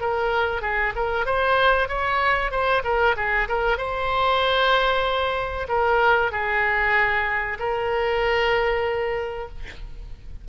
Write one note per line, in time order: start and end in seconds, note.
0.00 0.62 A#4
0.62 0.93 G#4
0.96 1.25 A#4
1.25 1.88 C5
1.88 2.51 C#5
2.51 2.82 C5
2.84 3.16 A#4
3.16 3.48 G#4
3.48 3.78 A#4
3.78 5.67 C5
5.68 6.32 A#4
6.32 7.58 G#4
7.59 9.49 A#4